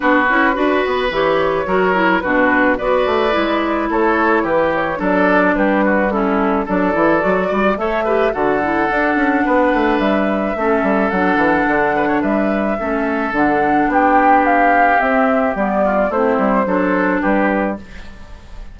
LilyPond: <<
  \new Staff \with { instrumentName = "flute" } { \time 4/4 \tempo 4 = 108 b'2 cis''2 | b'4 d''2 cis''4 | b'8 cis''8 d''4 b'4 a'4 | d''2 e''4 fis''4~ |
fis''2 e''2 | fis''2 e''2 | fis''4 g''4 f''4 e''4 | d''4 c''2 b'4 | }
  \new Staff \with { instrumentName = "oboe" } { \time 4/4 fis'4 b'2 ais'4 | fis'4 b'2 a'4 | g'4 a'4 g'8 fis'8 e'4 | a'4. d''8 cis''8 b'8 a'4~ |
a'4 b'2 a'4~ | a'4. b'16 cis''16 b'4 a'4~ | a'4 g'2.~ | g'8 f'8 e'4 a'4 g'4 | }
  \new Staff \with { instrumentName = "clarinet" } { \time 4/4 d'8 e'8 fis'4 g'4 fis'8 e'8 | d'4 fis'4 e'2~ | e'4 d'2 cis'4 | d'8 e'8 fis'4 a'8 g'8 fis'8 e'8 |
d'2. cis'4 | d'2. cis'4 | d'2. c'4 | b4 c'4 d'2 | }
  \new Staff \with { instrumentName = "bassoon" } { \time 4/4 b8 cis'8 d'8 b8 e4 fis4 | b,4 b8 a8 gis4 a4 | e4 fis4 g2 | fis8 e8 fis8 g8 a4 d4 |
d'8 cis'8 b8 a8 g4 a8 g8 | fis8 e8 d4 g4 a4 | d4 b2 c'4 | g4 a8 g8 fis4 g4 | }
>>